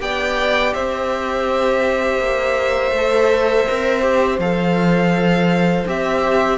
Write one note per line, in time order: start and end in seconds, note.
0.00 0.74 B3
0.00 2.93 G4
0.00 0.74 D5
0.00 0.74 G5
0.74 2.19 C4
0.74 6.59 C5
0.74 4.40 E5
2.19 2.91 A#3
2.91 3.65 A3
2.91 3.68 A4
3.68 4.39 C4
3.68 4.02 A#4
4.02 4.38 G4
4.39 5.85 F3
4.39 5.87 A4
4.39 5.87 F5
5.87 6.59 C4
5.87 6.59 G4
5.87 6.59 E5